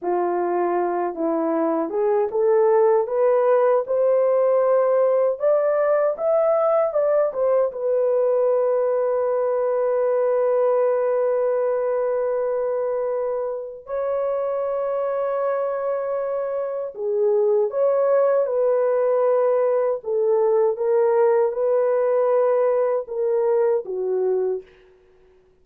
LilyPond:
\new Staff \with { instrumentName = "horn" } { \time 4/4 \tempo 4 = 78 f'4. e'4 gis'8 a'4 | b'4 c''2 d''4 | e''4 d''8 c''8 b'2~ | b'1~ |
b'2 cis''2~ | cis''2 gis'4 cis''4 | b'2 a'4 ais'4 | b'2 ais'4 fis'4 | }